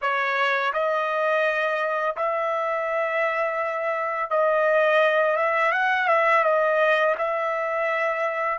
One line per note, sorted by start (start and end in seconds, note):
0.01 0.72 C#5
0.73 2.16 D#5
2.16 4.30 E5
4.30 5.36 D#5
5.36 5.72 E5
5.72 6.07 F#5
6.08 6.44 E5
6.44 7.15 D#5
7.18 8.58 E5